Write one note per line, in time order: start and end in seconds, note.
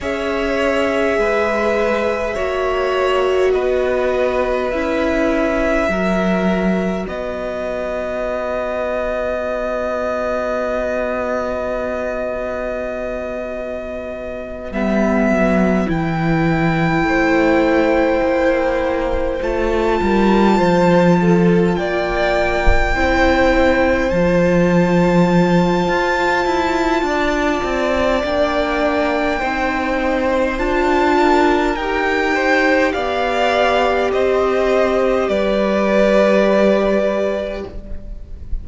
0.00 1.17 C#4
0.00 2.35 G#4
0.00 1.18 C#5
0.00 3.53 E5
1.17 2.35 G#3
1.17 2.34 B4
2.34 3.54 A#3
2.34 4.70 F#4
2.34 3.51 C#5
3.53 4.72 B3
3.53 5.89 B4
3.53 4.70 D#5
4.70 5.88 C#4
4.70 5.89 E4
4.70 7.05 E5
5.88 7.06 F#3
5.88 14.72 F#4
5.88 7.05 A#4
7.05 14.71 B3
7.05 17.05 B4
7.05 14.72 D#5
14.71 15.29 G3
14.71 15.86 B3
14.71 15.89 E5
15.29 15.88 F#3
15.86 17.03 E3
15.86 19.39 E4
15.86 19.42 G5
17.03 18.21 A3
17.03 20.01 C5
18.22 19.39 A#3
19.42 20.00 A3
19.42 22.94 F4
19.42 21.75 A5
20.01 20.59 G3
20.01 20.57 A#4
20.57 21.76 F3
20.57 21.15 C5
21.20 21.78 A4
21.75 22.95 A#3
21.75 22.94 D5
21.75 24.10 G5
22.94 24.11 C4
22.94 24.11 E4
22.94 27.06 C5
24.10 25.87 F3
24.10 28.23 F4
24.10 28.21 A5
25.87 26.45 F4
26.45 27.02 E4
27.02 27.61 D4
27.02 29.38 D5
27.64 28.23 C4
28.23 29.41 A#3
28.23 29.40 D4
28.23 30.59 G5
29.38 30.58 C4
29.38 30.58 D#4
29.38 31.15 C5
30.58 31.75 D4
30.58 31.76 F4
30.58 31.76 A5
31.17 32.34 A#4
31.75 32.93 D#4
31.75 37.68 G4
31.75 32.92 G5
32.34 32.92 C5
32.92 34.12 B3
32.92 34.10 D5
32.92 34.10 F5
34.12 35.28 C4
34.12 35.29 C5
34.12 35.28 D#5
35.28 37.63 G3
35.28 37.64 B4
35.28 37.63 D5